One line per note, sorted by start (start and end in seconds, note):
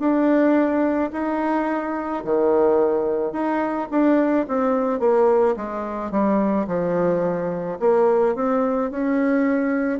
0.00 1.11 D4
1.13 2.24 D#4
2.25 3.33 D#3
3.33 3.88 D#4
3.91 4.47 D4
4.48 5.00 C4
5.00 5.56 A#3
5.57 6.12 G#3
6.12 6.67 G3
6.68 7.79 F3
7.80 8.35 A#3
8.35 8.91 C4
8.91 10.00 C#4